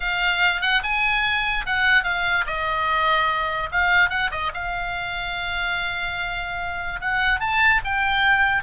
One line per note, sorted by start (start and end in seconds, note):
0.00 0.61 F5
0.61 0.82 F#5
0.83 1.65 G#5
1.66 2.03 F#5
2.03 2.45 F5
2.46 3.69 D#5
3.71 4.09 F5
4.09 4.30 F#5
4.31 4.51 D#5
4.53 7.00 F5
7.00 7.40 F#5
7.40 7.81 A5
7.84 8.63 G5